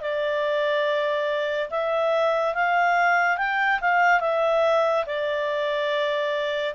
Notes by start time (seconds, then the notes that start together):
0.00 D5
1.70 E5
2.54 F5
3.37 G5
3.81 F5
4.20 E5
5.06 D5